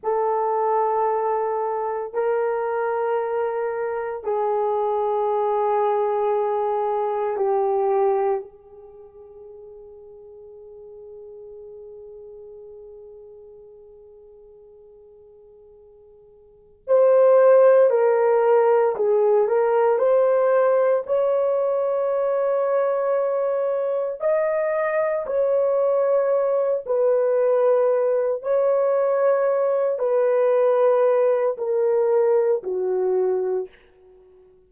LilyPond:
\new Staff \with { instrumentName = "horn" } { \time 4/4 \tempo 4 = 57 a'2 ais'2 | gis'2. g'4 | gis'1~ | gis'1 |
c''4 ais'4 gis'8 ais'8 c''4 | cis''2. dis''4 | cis''4. b'4. cis''4~ | cis''8 b'4. ais'4 fis'4 | }